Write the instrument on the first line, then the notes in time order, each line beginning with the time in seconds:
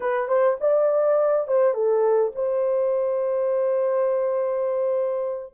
horn
0.00 B4
0.28 C5
0.60 D5
1.47 C5
1.73 A4
2.35 C5